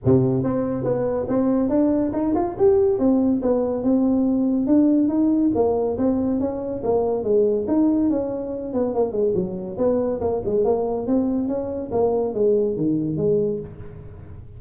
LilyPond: \new Staff \with { instrumentName = "tuba" } { \time 4/4 \tempo 4 = 141 c4 c'4 b4 c'4 | d'4 dis'8 f'8 g'4 c'4 | b4 c'2 d'4 | dis'4 ais4 c'4 cis'4 |
ais4 gis4 dis'4 cis'4~ | cis'8 b8 ais8 gis8 fis4 b4 | ais8 gis8 ais4 c'4 cis'4 | ais4 gis4 dis4 gis4 | }